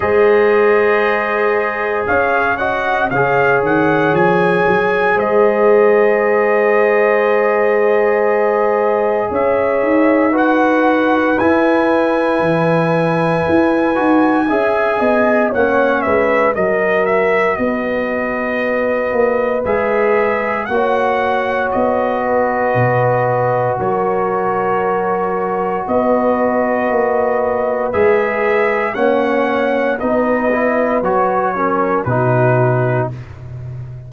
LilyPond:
<<
  \new Staff \with { instrumentName = "trumpet" } { \time 4/4 \tempo 4 = 58 dis''2 f''8 fis''8 f''8 fis''8 | gis''4 dis''2.~ | dis''4 e''4 fis''4 gis''4~ | gis''2. fis''8 e''8 |
dis''8 e''8 dis''2 e''4 | fis''4 dis''2 cis''4~ | cis''4 dis''2 e''4 | fis''4 dis''4 cis''4 b'4 | }
  \new Staff \with { instrumentName = "horn" } { \time 4/4 c''2 cis''8 dis''8 cis''4~ | cis''4 c''2.~ | c''4 cis''4 b'2~ | b'2 e''8 dis''8 cis''8 b'8 |
ais'4 b'2. | cis''4. b'4. ais'4~ | ais'4 b'2. | cis''4 b'4. ais'8 fis'4 | }
  \new Staff \with { instrumentName = "trombone" } { \time 4/4 gis'2~ gis'8 fis'8 gis'4~ | gis'1~ | gis'2 fis'4 e'4~ | e'4. fis'8 gis'4 cis'4 |
fis'2. gis'4 | fis'1~ | fis'2. gis'4 | cis'4 dis'8 e'8 fis'8 cis'8 dis'4 | }
  \new Staff \with { instrumentName = "tuba" } { \time 4/4 gis2 cis'4 cis8 dis8 | f8 fis8 gis2.~ | gis4 cis'8 dis'4. e'4 | e4 e'8 dis'8 cis'8 b8 ais8 gis8 |
fis4 b4. ais8 gis4 | ais4 b4 b,4 fis4~ | fis4 b4 ais4 gis4 | ais4 b4 fis4 b,4 | }
>>